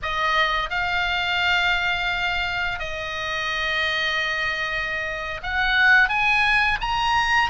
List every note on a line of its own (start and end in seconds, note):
0.02 0.70 D#5
0.70 2.79 F5
2.79 5.41 D#5
5.43 6.09 F#5
6.09 6.78 G#5
6.81 7.49 A#5